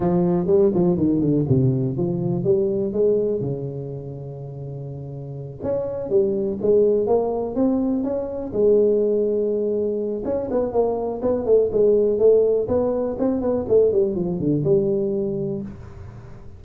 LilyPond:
\new Staff \with { instrumentName = "tuba" } { \time 4/4 \tempo 4 = 123 f4 g8 f8 dis8 d8 c4 | f4 g4 gis4 cis4~ | cis2.~ cis8 cis'8~ | cis'8 g4 gis4 ais4 c'8~ |
c'8 cis'4 gis2~ gis8~ | gis4 cis'8 b8 ais4 b8 a8 | gis4 a4 b4 c'8 b8 | a8 g8 f8 d8 g2 | }